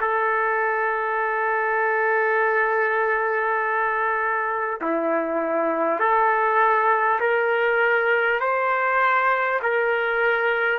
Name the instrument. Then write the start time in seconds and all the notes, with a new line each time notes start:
trumpet
0.00 A4
4.81 E4
5.99 A4
7.20 A#4
8.40 C5
9.62 A#4